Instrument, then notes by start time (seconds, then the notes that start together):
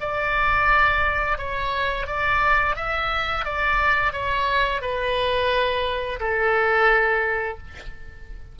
oboe
0.00 D5
1.37 C#5
2.06 D5
2.76 E5
3.45 D5
4.12 C#5
4.81 B4
6.20 A4